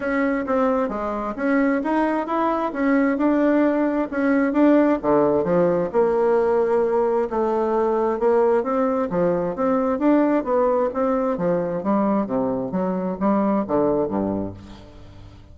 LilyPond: \new Staff \with { instrumentName = "bassoon" } { \time 4/4 \tempo 4 = 132 cis'4 c'4 gis4 cis'4 | dis'4 e'4 cis'4 d'4~ | d'4 cis'4 d'4 d4 | f4 ais2. |
a2 ais4 c'4 | f4 c'4 d'4 b4 | c'4 f4 g4 c4 | fis4 g4 d4 g,4 | }